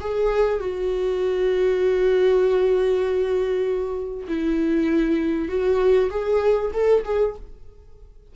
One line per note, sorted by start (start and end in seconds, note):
0.00 0.59 G#4
0.59 4.27 F#4
4.27 5.48 E4
5.48 6.09 F#4
6.10 6.71 G#4
6.73 7.04 A4
7.04 7.35 G#4